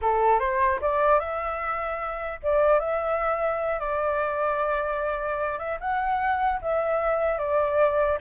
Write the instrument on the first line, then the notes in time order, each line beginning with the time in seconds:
flute
0.01 A4
0.39 C5
0.81 D5
1.19 E5
2.42 D5
2.79 E5
3.79 D5
5.58 E5
5.80 F#5
6.61 E5
7.38 D5